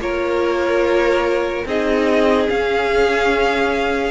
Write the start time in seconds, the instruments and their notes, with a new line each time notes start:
0.00 cello A#3, viola F4, violin A#4 C#5
1.66 cello C4, viola D#4, violin G#4 D#5
2.49 viola C#4, cello C#4, violin F5